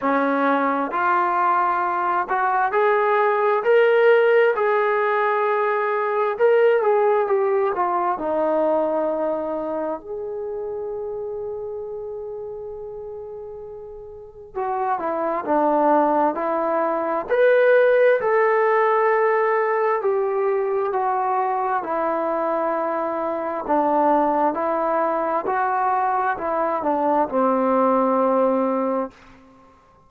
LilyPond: \new Staff \with { instrumentName = "trombone" } { \time 4/4 \tempo 4 = 66 cis'4 f'4. fis'8 gis'4 | ais'4 gis'2 ais'8 gis'8 | g'8 f'8 dis'2 gis'4~ | gis'1 |
fis'8 e'8 d'4 e'4 b'4 | a'2 g'4 fis'4 | e'2 d'4 e'4 | fis'4 e'8 d'8 c'2 | }